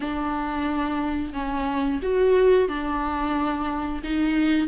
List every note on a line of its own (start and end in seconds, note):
0.00 1.33 D4
1.33 2.00 C#4
2.02 2.68 F#4
2.68 4.02 D4
4.03 4.67 D#4